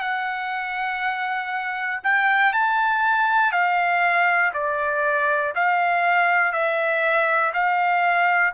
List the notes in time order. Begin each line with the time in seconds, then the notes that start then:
0.00 F#5
2.03 G5
2.53 A5
3.52 F5
4.53 D5
5.55 F5
6.52 E5
7.53 F5